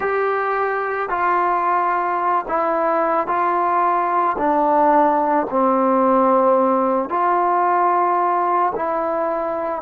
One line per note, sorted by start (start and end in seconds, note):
0.00 1.09 G4
1.09 2.45 F4
2.47 3.27 E4
3.27 4.36 F4
4.37 5.46 D4
5.49 7.09 C4
7.09 8.73 F4
8.75 9.81 E4